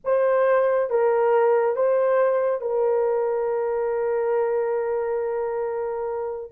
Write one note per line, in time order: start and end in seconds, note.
0.04 0.90 C5
0.90 1.76 A#4
1.76 2.61 C5
2.61 6.51 A#4